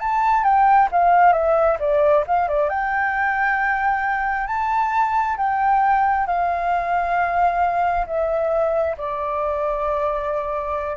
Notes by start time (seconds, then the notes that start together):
0.00 A5
0.44 G5
0.92 F5
1.33 E5
1.80 D5
2.27 F5
2.48 D5
2.69 G5
4.47 A5
5.37 G5
6.27 F5
8.07 E5
8.98 D5